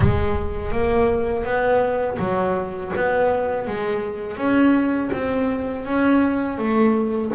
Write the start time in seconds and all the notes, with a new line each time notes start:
0.00 G#3
0.72 A#3
1.44 B3
2.19 F#3
2.95 B3
3.67 G#3
4.36 C#4
5.13 C4
5.85 C#4
6.58 A3